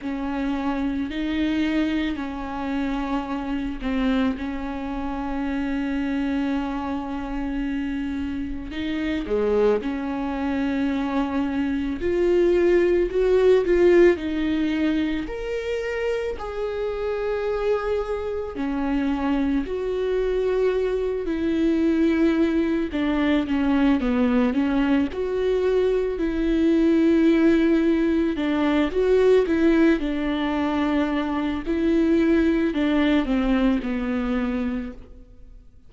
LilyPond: \new Staff \with { instrumentName = "viola" } { \time 4/4 \tempo 4 = 55 cis'4 dis'4 cis'4. c'8 | cis'1 | dis'8 gis8 cis'2 f'4 | fis'8 f'8 dis'4 ais'4 gis'4~ |
gis'4 cis'4 fis'4. e'8~ | e'4 d'8 cis'8 b8 cis'8 fis'4 | e'2 d'8 fis'8 e'8 d'8~ | d'4 e'4 d'8 c'8 b4 | }